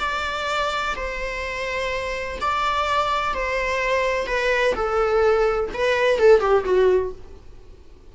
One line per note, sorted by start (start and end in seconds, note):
0.00 0.95 D5
0.97 2.39 C5
2.41 3.35 D5
3.35 4.27 C5
4.27 4.75 B4
4.76 5.71 A4
5.74 6.19 B4
6.19 6.41 A4
6.41 6.65 G4
6.65 7.12 F#4